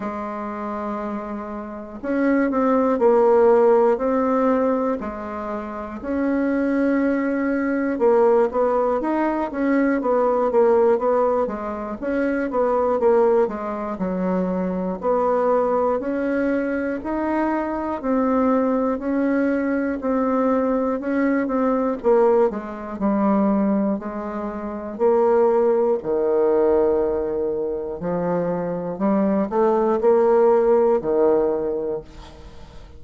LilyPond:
\new Staff \with { instrumentName = "bassoon" } { \time 4/4 \tempo 4 = 60 gis2 cis'8 c'8 ais4 | c'4 gis4 cis'2 | ais8 b8 dis'8 cis'8 b8 ais8 b8 gis8 | cis'8 b8 ais8 gis8 fis4 b4 |
cis'4 dis'4 c'4 cis'4 | c'4 cis'8 c'8 ais8 gis8 g4 | gis4 ais4 dis2 | f4 g8 a8 ais4 dis4 | }